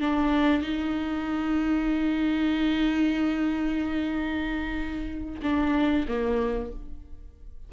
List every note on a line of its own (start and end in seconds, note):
0.00 0.62 D4
0.62 5.40 D#4
5.42 6.06 D4
6.08 6.72 A#3